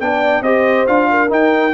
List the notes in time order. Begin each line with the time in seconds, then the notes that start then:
0.00 B3 D4 D5 G5
0.41 C4 G4 C5 D#5
0.87 D4 F4 F5
1.10 A#4
1.28 D#4 G5